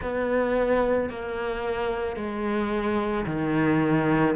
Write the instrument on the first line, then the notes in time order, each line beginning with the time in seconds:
cello
0.01 B3
1.09 A#3
2.16 G#3
3.26 D#3